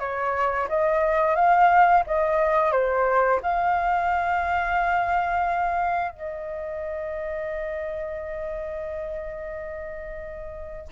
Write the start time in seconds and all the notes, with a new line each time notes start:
0.00 C#5
0.69 D#5
1.36 F5
2.07 D#5
2.72 C5
3.43 F5
6.12 D#5